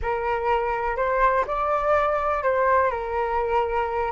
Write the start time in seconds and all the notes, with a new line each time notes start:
0.02 A#4
0.96 C5
1.46 D5
2.43 C5
2.90 A#4